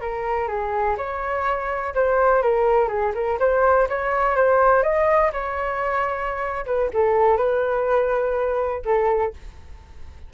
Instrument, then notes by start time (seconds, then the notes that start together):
flute
0.00 A#4
0.48 G#4
0.97 C#5
1.94 C5
2.42 A#4
2.88 G#4
3.14 A#4
3.39 C5
3.89 C#5
4.35 C5
4.83 D#5
5.32 C#5
6.66 B4
6.93 A4
7.37 B4
8.85 A4